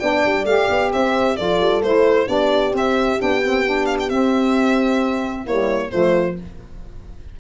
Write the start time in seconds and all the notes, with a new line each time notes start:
0.00 B3 D4 D5 G5
0.26 G3
0.45 A3 G4 F5
0.70 B3
0.93 C4 C5 E5
1.37 F3 F4 A4 D5
1.61 G3
1.82 A3 E4 C5
2.27 B3 D4 G4 D5
2.72 C4 E5
3.19 B3 D4 G5
3.44 C4
3.66 D4
3.86 F5
4.00 G5
4.10 C4 E5
5.44 G3 A#3 E4 C#5
5.90 F3 A3 F4 C5